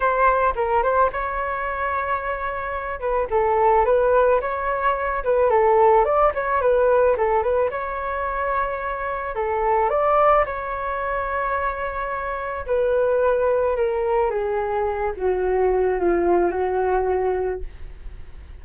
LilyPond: \new Staff \with { instrumentName = "flute" } { \time 4/4 \tempo 4 = 109 c''4 ais'8 c''8 cis''2~ | cis''4. b'8 a'4 b'4 | cis''4. b'8 a'4 d''8 cis''8 | b'4 a'8 b'8 cis''2~ |
cis''4 a'4 d''4 cis''4~ | cis''2. b'4~ | b'4 ais'4 gis'4. fis'8~ | fis'4 f'4 fis'2 | }